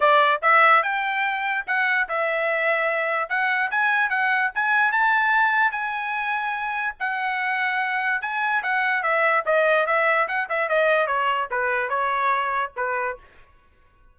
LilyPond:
\new Staff \with { instrumentName = "trumpet" } { \time 4/4 \tempo 4 = 146 d''4 e''4 g''2 | fis''4 e''2. | fis''4 gis''4 fis''4 gis''4 | a''2 gis''2~ |
gis''4 fis''2. | gis''4 fis''4 e''4 dis''4 | e''4 fis''8 e''8 dis''4 cis''4 | b'4 cis''2 b'4 | }